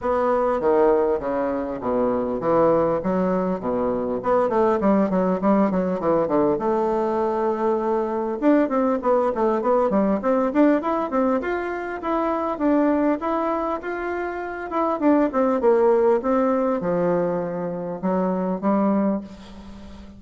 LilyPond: \new Staff \with { instrumentName = "bassoon" } { \time 4/4 \tempo 4 = 100 b4 dis4 cis4 b,4 | e4 fis4 b,4 b8 a8 | g8 fis8 g8 fis8 e8 d8 a4~ | a2 d'8 c'8 b8 a8 |
b8 g8 c'8 d'8 e'8 c'8 f'4 | e'4 d'4 e'4 f'4~ | f'8 e'8 d'8 c'8 ais4 c'4 | f2 fis4 g4 | }